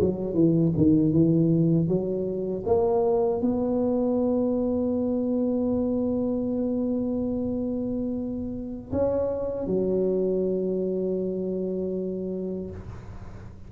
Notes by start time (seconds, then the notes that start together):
0.00 F#3
0.34 E3
0.76 D#3
1.12 E3
1.87 F#3
2.65 A#3
3.41 B3
8.92 C#4
9.66 F#3